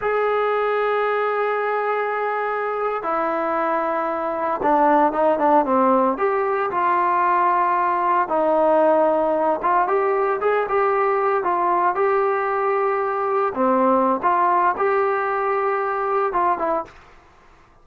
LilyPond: \new Staff \with { instrumentName = "trombone" } { \time 4/4 \tempo 4 = 114 gis'1~ | gis'4.~ gis'16 e'2~ e'16~ | e'8. d'4 dis'8 d'8 c'4 g'16~ | g'8. f'2. dis'16~ |
dis'2~ dis'16 f'8 g'4 gis'16~ | gis'16 g'4. f'4 g'4~ g'16~ | g'4.~ g'16 c'4~ c'16 f'4 | g'2. f'8 e'8 | }